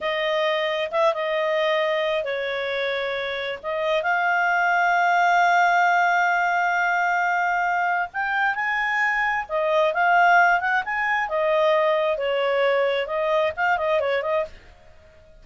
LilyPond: \new Staff \with { instrumentName = "clarinet" } { \time 4/4 \tempo 4 = 133 dis''2 e''8 dis''4.~ | dis''4 cis''2. | dis''4 f''2.~ | f''1~ |
f''2 g''4 gis''4~ | gis''4 dis''4 f''4. fis''8 | gis''4 dis''2 cis''4~ | cis''4 dis''4 f''8 dis''8 cis''8 dis''8 | }